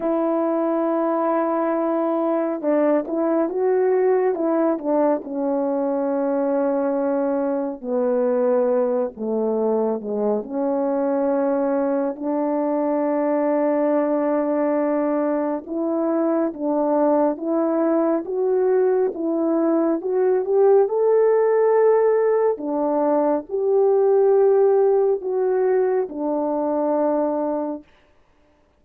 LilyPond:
\new Staff \with { instrumentName = "horn" } { \time 4/4 \tempo 4 = 69 e'2. d'8 e'8 | fis'4 e'8 d'8 cis'2~ | cis'4 b4. a4 gis8 | cis'2 d'2~ |
d'2 e'4 d'4 | e'4 fis'4 e'4 fis'8 g'8 | a'2 d'4 g'4~ | g'4 fis'4 d'2 | }